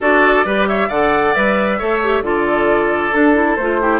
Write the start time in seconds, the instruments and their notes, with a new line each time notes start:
0.00 bassoon D4, clarinet F#4, oboe A4, flute D5
0.44 bassoon G3, clarinet G4, oboe B4
0.68 oboe C#5, flute E5
0.88 bassoon D3, clarinet A4, oboe D5, flute F#5
1.34 bassoon G3, clarinet B4, flute E5
1.78 bassoon A3, clarinet A4, oboe C#5
2.03 clarinet G4
2.21 bassoon D3, clarinet F4, oboe A4, flute D5
3.12 clarinet D4, bassoon D4, flute A4
3.34 clarinet E4
3.55 bassoon A3, clarinet F4, flute C5
3.81 clarinet E4, oboe G4